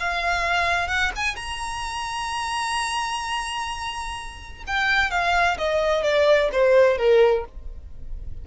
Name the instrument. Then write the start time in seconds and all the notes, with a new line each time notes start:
violin
0.00 F5
0.88 F#5
1.16 G#5
1.36 A#5
4.67 G5
5.11 F5
5.58 D#5
6.03 D5
6.52 C5
6.98 A#4